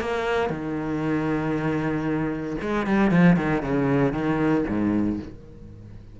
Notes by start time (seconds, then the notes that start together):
0.00 A#3
0.49 D#3
2.61 G#3
2.86 G3
3.10 F3
3.36 D#3
3.62 C#3
4.12 D#3
4.68 G#2